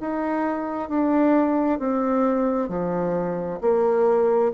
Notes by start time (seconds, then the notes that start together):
0.00 D#4
0.88 D4
1.79 C4
2.69 F3
3.61 A#3